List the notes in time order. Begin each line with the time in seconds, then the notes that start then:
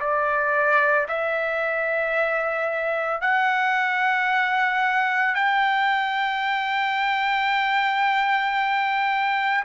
0.00 D5
1.08 E5
3.21 F#5
5.35 G5